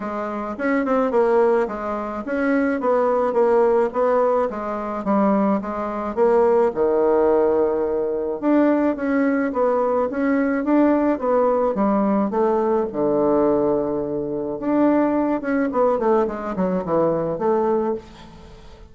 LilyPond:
\new Staff \with { instrumentName = "bassoon" } { \time 4/4 \tempo 4 = 107 gis4 cis'8 c'8 ais4 gis4 | cis'4 b4 ais4 b4 | gis4 g4 gis4 ais4 | dis2. d'4 |
cis'4 b4 cis'4 d'4 | b4 g4 a4 d4~ | d2 d'4. cis'8 | b8 a8 gis8 fis8 e4 a4 | }